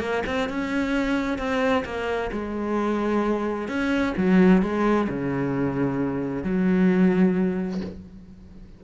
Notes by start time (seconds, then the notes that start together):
0.00 A#3
0.26 C4
0.49 C#4
1.38 C4
1.85 A#3
2.32 G#3
3.68 C#4
4.17 F#3
4.62 G#3
5.09 C#3
6.44 F#3